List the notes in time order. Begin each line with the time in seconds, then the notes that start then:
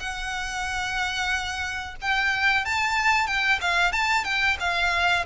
0.00 F#5
2.01 G5
2.65 A5
3.27 G5
3.61 F5
3.92 A5
4.25 G5
4.60 F5